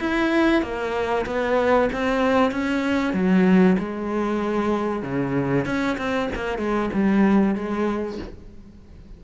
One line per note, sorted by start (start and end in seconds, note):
0.00 0.62 E4
0.62 1.25 A#3
1.26 1.89 B3
1.93 2.51 C4
2.51 3.13 C#4
3.13 3.77 F#3
3.79 5.03 G#3
5.03 5.66 C#3
5.66 5.97 C#4
5.98 6.30 C4
6.35 6.58 A#3
6.58 6.90 G#3
6.93 7.55 G3
7.55 8.18 G#3